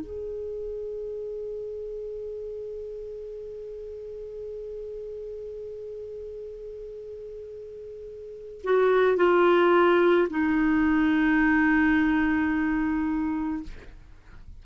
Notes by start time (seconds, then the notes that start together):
0.00 G#4
8.63 F#4
9.16 F4
10.29 D#4